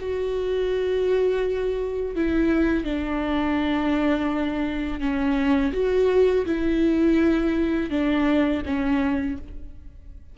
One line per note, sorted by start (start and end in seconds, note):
0.00 2.16 F#4
2.16 2.85 E4
2.85 5.00 D4
5.00 5.73 C#4
5.73 6.46 F#4
6.46 7.91 E4
7.91 8.63 D4
8.66 9.38 C#4